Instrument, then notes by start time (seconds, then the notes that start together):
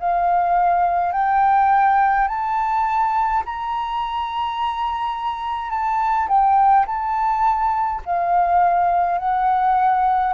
flute
0.00 F5
1.12 G5
2.28 A5
3.46 A#5
5.70 A5
6.28 G5
6.86 A5
8.06 F5
9.18 F#5